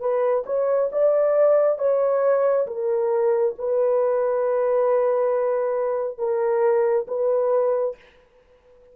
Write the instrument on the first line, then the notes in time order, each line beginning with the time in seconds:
horn
0.00 B4
0.46 C#5
0.92 D5
1.78 C#5
2.67 A#4
3.59 B4
6.18 A#4
7.08 B4